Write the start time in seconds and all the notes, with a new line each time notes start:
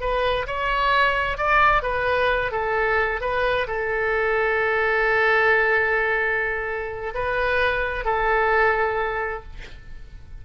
0.00 B4
0.46 C#5
1.37 D5
1.82 B4
2.51 A4
3.20 B4
3.67 A4
7.14 B4
8.05 A4